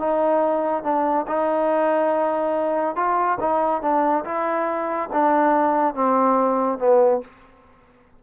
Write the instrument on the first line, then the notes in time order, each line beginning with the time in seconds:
trombone
0.00 D#4
0.84 D4
1.28 D#4
2.96 F4
3.41 D#4
3.82 D4
4.25 E4
5.13 D4
5.95 C4
6.79 B3